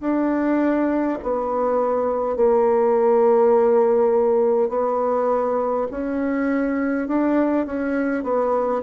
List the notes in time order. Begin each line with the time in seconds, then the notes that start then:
0.00 D4
1.22 B3
2.36 A#3
4.69 B3
5.91 C#4
7.07 D4
7.66 C#4
8.23 B3